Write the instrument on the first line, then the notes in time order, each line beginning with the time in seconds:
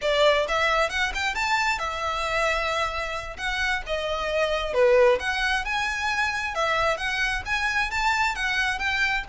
violin
0.01 D5
0.47 E5
0.89 F#5
1.14 G5
1.34 A5
1.79 E5
3.37 F#5
3.86 D#5
4.73 B4
5.19 F#5
5.65 G#5
6.54 E5
6.97 F#5
7.45 G#5
7.90 A5
8.35 F#5
8.79 G5